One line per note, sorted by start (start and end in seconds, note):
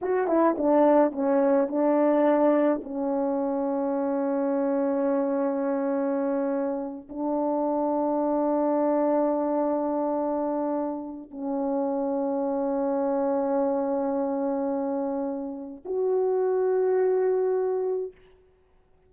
0.01 0.27 F#4
0.27 0.55 E4
0.57 1.12 D4
1.12 1.67 C#4
1.67 2.81 D4
2.83 7.08 C#4
7.09 11.31 D4
11.31 15.83 C#4
15.85 18.11 F#4